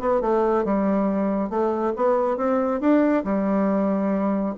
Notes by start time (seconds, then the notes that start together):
0.00 B3
0.21 A3
0.65 G3
1.50 A3
1.96 B3
2.37 C4
2.81 D4
3.25 G3